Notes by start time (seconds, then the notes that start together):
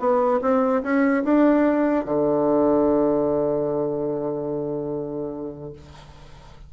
0.00 B3
0.42 C4
0.83 C#4
1.24 D4
2.06 D3